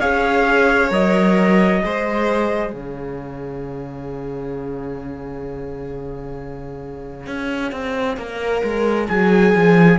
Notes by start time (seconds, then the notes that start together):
0.00 C#4 G#4 C#5 F5
0.90 F#3 A#4 D#5
1.81 G#3 G#4 C5
2.73 C#3 C#5 F5
7.27 C#4
7.72 C4
8.17 A#3 A#4
8.64 G#3
9.08 F#3 G#4 G#5
9.56 F3